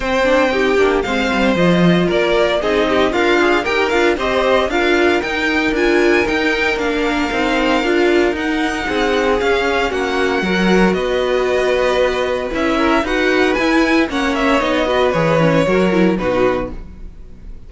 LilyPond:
<<
  \new Staff \with { instrumentName = "violin" } { \time 4/4 \tempo 4 = 115 g''2 f''4 dis''4 | d''4 dis''4 f''4 g''8 f''8 | dis''4 f''4 g''4 gis''4 | g''4 f''2. |
fis''2 f''4 fis''4~ | fis''4 dis''2. | e''4 fis''4 gis''4 fis''8 e''8 | dis''4 cis''2 b'4 | }
  \new Staff \with { instrumentName = "violin" } { \time 4/4 c''4 g'4 c''2 | ais'4 gis'8 g'8 f'4 ais'4 | c''4 ais'2.~ | ais'1~ |
ais'4 gis'2 fis'4 | ais'4 b'2.~ | b'8 ais'8 b'2 cis''4~ | cis''8 b'4. ais'4 fis'4 | }
  \new Staff \with { instrumentName = "viola" } { \time 4/4 c'8 d'8 dis'8 d'8 c'4 f'4~ | f'4 dis'4 ais'8 gis'8 g'8 f'8 | g'4 f'4 dis'4 f'4 | dis'4 d'4 dis'4 f'4 |
dis'2 cis'2 | fis'1 | e'4 fis'4 e'4 cis'4 | dis'8 fis'8 gis'8 cis'8 fis'8 e'8 dis'4 | }
  \new Staff \with { instrumentName = "cello" } { \time 4/4 c'4. ais8 gis8 g8 f4 | ais4 c'4 d'4 dis'8 d'8 | c'4 d'4 dis'4 d'4 | dis'4 ais4 c'4 d'4 |
dis'4 c'4 cis'4 ais4 | fis4 b2. | cis'4 dis'4 e'4 ais4 | b4 e4 fis4 b,4 | }
>>